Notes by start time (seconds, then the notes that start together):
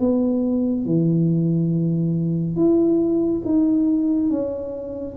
0.00 B3
0.86 E3
2.56 E4
3.45 D#4
4.31 C#4